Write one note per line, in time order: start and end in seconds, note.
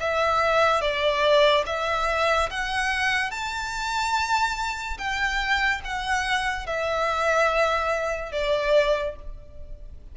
0.00 0.81 E5
0.81 1.64 D5
1.66 2.49 E5
2.50 3.31 F#5
3.31 4.97 A5
4.98 5.81 G5
5.84 6.66 F#5
6.66 8.32 E5
8.32 9.15 D5